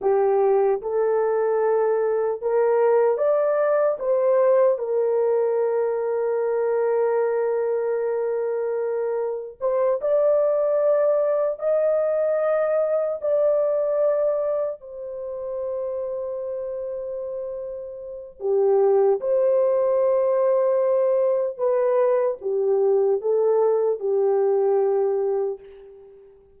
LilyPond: \new Staff \with { instrumentName = "horn" } { \time 4/4 \tempo 4 = 75 g'4 a'2 ais'4 | d''4 c''4 ais'2~ | ais'1 | c''8 d''2 dis''4.~ |
dis''8 d''2 c''4.~ | c''2. g'4 | c''2. b'4 | g'4 a'4 g'2 | }